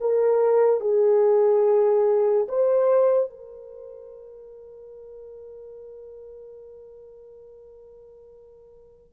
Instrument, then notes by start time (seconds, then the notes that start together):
horn
0.00 A#4
0.80 G#4
2.48 C5
3.30 A#4